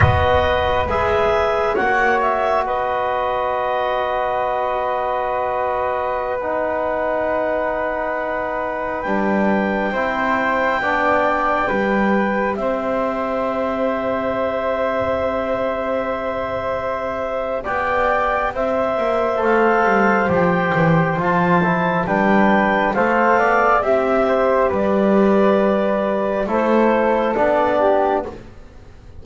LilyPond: <<
  \new Staff \with { instrumentName = "clarinet" } { \time 4/4 \tempo 4 = 68 dis''4 e''4 fis''8 e''8 dis''4~ | dis''2.~ dis''16 fis''8.~ | fis''2~ fis''16 g''4.~ g''16~ | g''2~ g''16 e''4.~ e''16~ |
e''1 | g''4 e''4 f''4 g''4 | a''4 g''4 f''4 e''4 | d''2 c''4 d''4 | }
  \new Staff \with { instrumentName = "flute" } { \time 4/4 b'2 cis''4 b'4~ | b'1~ | b'2.~ b'16 c''8.~ | c''16 d''4 b'4 c''4.~ c''16~ |
c''1 | d''4 c''2.~ | c''4 b'4 c''8 d''8 e''8 c''8 | b'2 a'4. g'8 | }
  \new Staff \with { instrumentName = "trombone" } { \time 4/4 fis'4 gis'4 fis'2~ | fis'2.~ fis'16 dis'8.~ | dis'2~ dis'16 d'4 e'8.~ | e'16 d'4 g'2~ g'8.~ |
g'1~ | g'2 a'4 g'4 | f'8 e'8 d'4 a'4 g'4~ | g'2 e'4 d'4 | }
  \new Staff \with { instrumentName = "double bass" } { \time 4/4 b4 gis4 ais4 b4~ | b1~ | b2~ b16 g4 c'8.~ | c'16 b4 g4 c'4.~ c'16~ |
c'1 | b4 c'8 ais8 a8 g8 f8 e8 | f4 g4 a8 b8 c'4 | g2 a4 b4 | }
>>